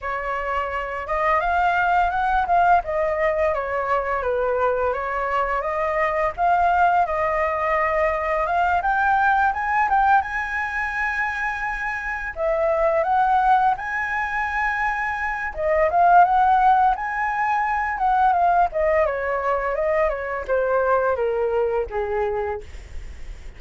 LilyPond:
\new Staff \with { instrumentName = "flute" } { \time 4/4 \tempo 4 = 85 cis''4. dis''8 f''4 fis''8 f''8 | dis''4 cis''4 b'4 cis''4 | dis''4 f''4 dis''2 | f''8 g''4 gis''8 g''8 gis''4.~ |
gis''4. e''4 fis''4 gis''8~ | gis''2 dis''8 f''8 fis''4 | gis''4. fis''8 f''8 dis''8 cis''4 | dis''8 cis''8 c''4 ais'4 gis'4 | }